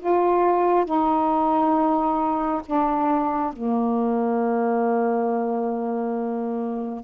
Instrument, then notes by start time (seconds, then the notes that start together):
saxophone
0.00 F4
0.85 D#4
2.66 D4
3.53 A#3